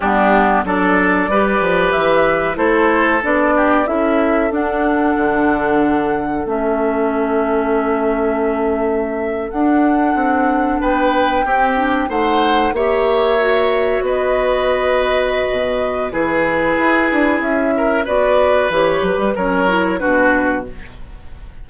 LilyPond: <<
  \new Staff \with { instrumentName = "flute" } { \time 4/4 \tempo 4 = 93 g'4 d''2 e''4 | c''4 d''4 e''4 fis''4~ | fis''2 e''2~ | e''2~ e''8. fis''4~ fis''16~ |
fis''8. g''2 fis''4 e''16~ | e''4.~ e''16 dis''2~ dis''16~ | dis''4 b'2 e''4 | d''4 cis''8 b'8 cis''4 b'4 | }
  \new Staff \with { instrumentName = "oboe" } { \time 4/4 d'4 a'4 b'2 | a'4. g'8 a'2~ | a'1~ | a'1~ |
a'8. b'4 g'4 c''4 cis''16~ | cis''4.~ cis''16 b'2~ b'16~ | b'4 gis'2~ gis'8 ais'8 | b'2 ais'4 fis'4 | }
  \new Staff \with { instrumentName = "clarinet" } { \time 4/4 b4 d'4 g'2 | e'4 d'4 e'4 d'4~ | d'2 cis'2~ | cis'2~ cis'8. d'4~ d'16~ |
d'4.~ d'16 c'8 d'8 dis'4 g'16~ | g'8. fis'2.~ fis'16~ | fis'4 e'2. | fis'4 g'4 cis'8 e'8 d'4 | }
  \new Staff \with { instrumentName = "bassoon" } { \time 4/4 g4 fis4 g8 f8 e4 | a4 b4 cis'4 d'4 | d2 a2~ | a2~ a8. d'4 c'16~ |
c'8. b4 c'4 a4 ais16~ | ais4.~ ais16 b2~ b16 | b,4 e4 e'8 d'8 cis'4 | b4 e8 fis16 g16 fis4 b,4 | }
>>